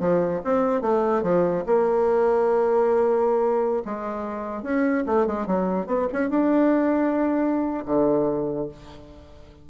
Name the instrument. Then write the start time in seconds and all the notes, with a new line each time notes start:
bassoon
0.00 F3
0.44 C4
0.82 A3
1.23 F3
1.66 A#3
3.85 G#3
4.63 C#4
5.07 A3
5.27 G#3
5.47 F#3
5.87 B3
6.13 C#4
6.30 D4
7.86 D3